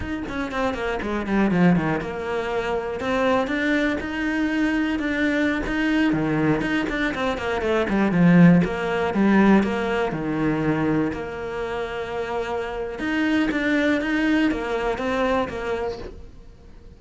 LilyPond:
\new Staff \with { instrumentName = "cello" } { \time 4/4 \tempo 4 = 120 dis'8 cis'8 c'8 ais8 gis8 g8 f8 dis8 | ais2 c'4 d'4 | dis'2 d'4~ d'16 dis'8.~ | dis'16 dis4 dis'8 d'8 c'8 ais8 a8 g16~ |
g16 f4 ais4 g4 ais8.~ | ais16 dis2 ais4.~ ais16~ | ais2 dis'4 d'4 | dis'4 ais4 c'4 ais4 | }